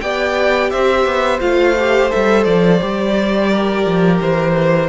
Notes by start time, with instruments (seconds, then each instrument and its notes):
0.00 cello B3, viola G4, violin D5 G5
0.70 cello C4, violin C5 E5
1.05 cello B3
1.40 cello A3, viola F4, violin F5
1.79 viola G4
2.10 cello G3, viola A4, violin E5
2.44 cello F3, violin D5
2.80 cello G3, viola G4
3.50 violin A#4
3.85 cello F3
4.21 cello E3, violin C5